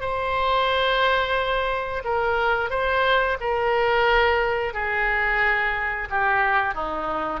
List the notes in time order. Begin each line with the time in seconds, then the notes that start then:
0.00 C5
2.04 A#4
2.70 C5
3.40 A#4
4.73 G#4
6.09 G4
6.74 D#4